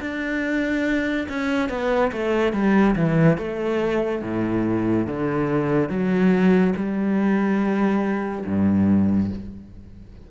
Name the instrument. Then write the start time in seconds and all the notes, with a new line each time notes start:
cello
0.00 D4
1.29 C#4
1.69 B3
2.12 A3
2.53 G3
2.95 E3
3.37 A3
4.22 A2
5.07 D3
5.89 F#3
6.76 G3
8.46 G2